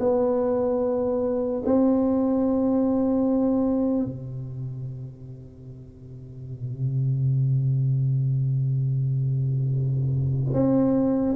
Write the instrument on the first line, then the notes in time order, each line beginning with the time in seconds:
tuba
0.00 B3
1.65 C4
4.05 C3
10.53 C4